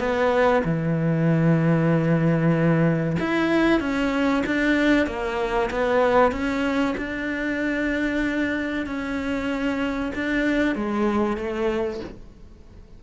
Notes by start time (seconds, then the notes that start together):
0.00 B3
0.65 E3
3.20 E4
3.80 C#4
4.47 D4
5.07 A#3
5.71 B3
6.32 C#4
6.98 D4
8.87 C#4
10.15 D4
10.76 G#3
11.38 A3